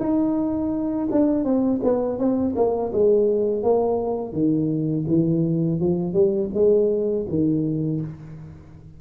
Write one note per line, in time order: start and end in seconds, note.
0.00 1.08 D#4
1.11 1.44 D4
1.44 1.80 C4
1.83 2.19 B3
2.19 2.55 C4
2.56 2.92 A#3
2.93 3.63 G#3
3.63 4.33 A#3
4.33 5.05 D#3
5.08 5.80 E3
5.80 6.13 F3
6.13 6.50 G3
6.54 7.26 G#3
7.28 8.01 D#3